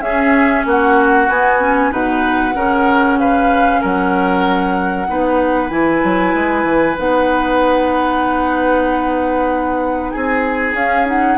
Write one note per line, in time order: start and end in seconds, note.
0.00 0.63 C#4
0.00 1.29 C#4
0.00 0.66 G#4
0.00 0.64 E5
0.65 1.28 A#3
0.65 1.91 F#4
0.65 1.29 F#5
1.28 1.91 B3
1.28 1.60 B3
1.28 1.92 G#5
1.60 1.91 C#4
1.91 2.54 B2
1.91 2.54 D#4
1.91 2.54 B4
1.91 3.19 F#5
2.54 3.81 C#3
2.54 5.07 C#4
2.54 3.19 A#4
3.19 3.81 B4
3.19 3.82 F5
3.81 5.08 F#3
3.81 5.07 A#4
3.81 5.69 F#5
5.07 5.70 B3
5.07 5.69 D#4
5.07 10.12 B4
5.69 6.02 E3
5.69 6.96 E4
5.69 6.96 G#5
6.03 6.34 F#3
6.34 6.63 G#3
6.63 6.95 E3
6.97 10.14 B3
6.97 10.75 D#4
6.97 10.11 F#5
10.11 10.73 C4
10.11 11.38 G#4
10.11 10.74 G#5
10.73 11.36 C#4
10.73 11.05 C#4
10.73 11.06 F5
11.05 11.37 D#4
11.05 11.38 F#5